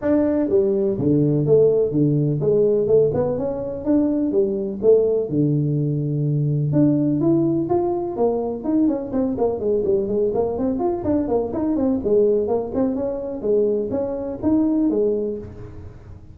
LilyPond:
\new Staff \with { instrumentName = "tuba" } { \time 4/4 \tempo 4 = 125 d'4 g4 d4 a4 | d4 gis4 a8 b8 cis'4 | d'4 g4 a4 d4~ | d2 d'4 e'4 |
f'4 ais4 dis'8 cis'8 c'8 ais8 | gis8 g8 gis8 ais8 c'8 f'8 d'8 ais8 | dis'8 c'8 gis4 ais8 c'8 cis'4 | gis4 cis'4 dis'4 gis4 | }